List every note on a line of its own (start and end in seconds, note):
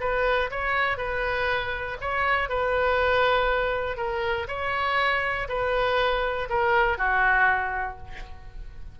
0.00 0.50 B4
0.50 0.97 C#5
0.97 1.97 B4
2.01 2.49 C#5
2.49 3.97 B4
3.97 4.47 A#4
4.48 5.48 C#5
5.49 6.49 B4
6.49 6.97 A#4
6.97 7.97 F#4